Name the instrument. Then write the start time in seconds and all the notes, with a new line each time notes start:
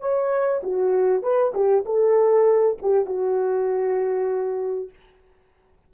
horn
0.00 C#5
0.63 F#4
1.22 B4
1.54 G4
1.85 A4
2.81 G4
3.06 F#4